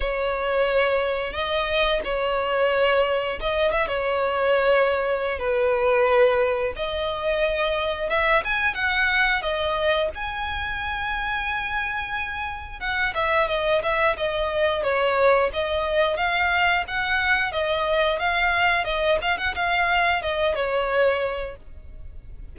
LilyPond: \new Staff \with { instrumentName = "violin" } { \time 4/4 \tempo 4 = 89 cis''2 dis''4 cis''4~ | cis''4 dis''8 e''16 cis''2~ cis''16 | b'2 dis''2 | e''8 gis''8 fis''4 dis''4 gis''4~ |
gis''2. fis''8 e''8 | dis''8 e''8 dis''4 cis''4 dis''4 | f''4 fis''4 dis''4 f''4 | dis''8 f''16 fis''16 f''4 dis''8 cis''4. | }